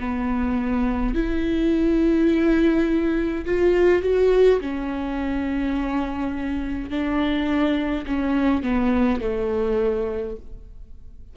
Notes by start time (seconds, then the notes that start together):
0.00 B3
1.14 E4
3.46 F4
4.02 F#4
4.60 C#4
6.90 D4
8.07 C#4
8.63 B3
9.21 A3